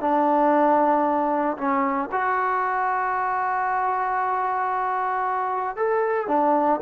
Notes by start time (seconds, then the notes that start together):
0.00 D4
1.57 C#4
2.12 F#4
5.76 A4
6.28 D4